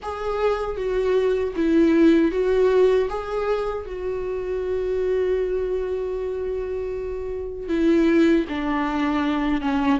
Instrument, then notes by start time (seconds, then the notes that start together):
viola
0.02 G#4
0.76 F#4
1.56 E4
2.31 F#4
3.09 G#4
3.86 F#4
7.68 E4
8.48 D4
9.61 C#4